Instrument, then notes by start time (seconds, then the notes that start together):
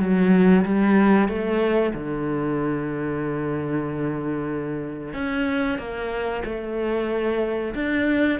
cello
0.00 F#3
0.65 G3
1.29 A3
1.94 D3
5.14 C#4
5.79 A#3
6.45 A3
7.75 D4